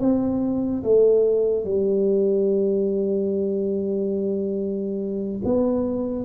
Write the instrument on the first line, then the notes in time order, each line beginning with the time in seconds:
tuba
0.00 C4
0.83 A3
1.65 G3
5.45 B3